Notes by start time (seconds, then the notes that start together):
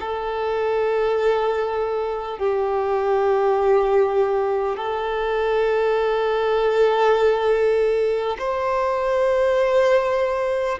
0.00 A4
2.38 G4
4.77 A4
8.39 C5